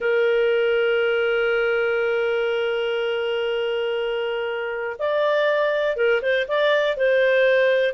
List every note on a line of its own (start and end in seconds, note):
0.00 4.96 A#4
4.99 5.96 D5
5.96 6.21 A#4
6.21 6.46 C5
6.47 6.96 D5
6.96 7.93 C5